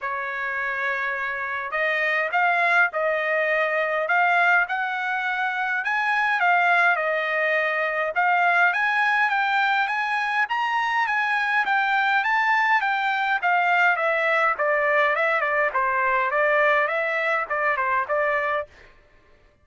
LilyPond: \new Staff \with { instrumentName = "trumpet" } { \time 4/4 \tempo 4 = 103 cis''2. dis''4 | f''4 dis''2 f''4 | fis''2 gis''4 f''4 | dis''2 f''4 gis''4 |
g''4 gis''4 ais''4 gis''4 | g''4 a''4 g''4 f''4 | e''4 d''4 e''8 d''8 c''4 | d''4 e''4 d''8 c''8 d''4 | }